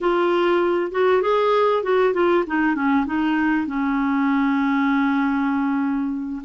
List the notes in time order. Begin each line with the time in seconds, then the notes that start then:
0.00 F4
0.91 F#4
1.22 G#4
1.83 F#4
2.13 F4
2.47 D#4
2.75 C#4
3.06 D#4
3.66 C#4